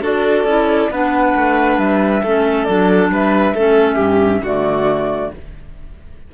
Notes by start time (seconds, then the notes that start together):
0.00 D4 F#4 A4 D5
0.44 C#4 E4
0.89 B3 D4 B4 F#5
1.35 A3
1.78 G3 E5
2.22 A3 C#4 A4
2.64 F#3 D4 D5
3.10 G3 B4 E5
3.54 A3 C#4 A4
3.95 G2 G4
4.42 D3 A3 F#4 D5